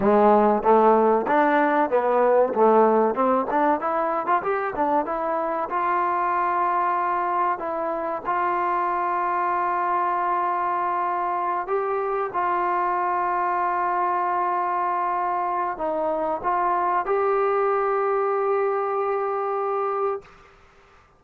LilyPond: \new Staff \with { instrumentName = "trombone" } { \time 4/4 \tempo 4 = 95 gis4 a4 d'4 b4 | a4 c'8 d'8 e'8. f'16 g'8 d'8 | e'4 f'2. | e'4 f'2.~ |
f'2~ f'8 g'4 f'8~ | f'1~ | f'4 dis'4 f'4 g'4~ | g'1 | }